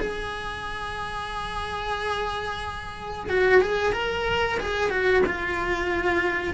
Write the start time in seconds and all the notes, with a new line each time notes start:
0.00 G#4
3.29 F#4
3.61 G#4
3.93 A#4
4.60 G#4
4.90 F#4
5.26 F4